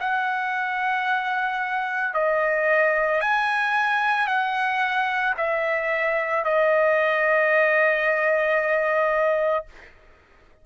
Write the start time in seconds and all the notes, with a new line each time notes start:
0.00 F#5
2.14 D#5
3.21 G#5
4.28 F#5
5.38 E5
6.45 D#5